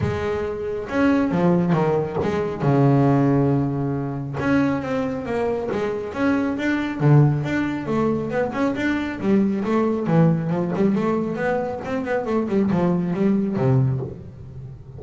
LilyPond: \new Staff \with { instrumentName = "double bass" } { \time 4/4 \tempo 4 = 137 gis2 cis'4 f4 | dis4 gis4 cis2~ | cis2 cis'4 c'4 | ais4 gis4 cis'4 d'4 |
d4 d'4 a4 b8 cis'8 | d'4 g4 a4 e4 | f8 g8 a4 b4 c'8 b8 | a8 g8 f4 g4 c4 | }